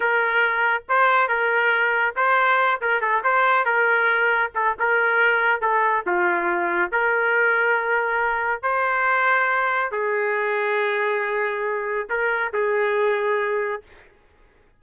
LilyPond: \new Staff \with { instrumentName = "trumpet" } { \time 4/4 \tempo 4 = 139 ais'2 c''4 ais'4~ | ais'4 c''4. ais'8 a'8 c''8~ | c''8 ais'2 a'8 ais'4~ | ais'4 a'4 f'2 |
ais'1 | c''2. gis'4~ | gis'1 | ais'4 gis'2. | }